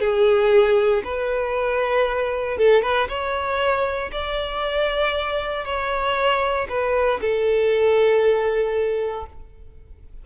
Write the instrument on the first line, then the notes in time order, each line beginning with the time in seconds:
violin
0.00 G#4
1.04 B4
2.58 A4
2.82 B4
3.09 C#5
4.12 D5
5.65 C#5
6.69 B4
7.21 A4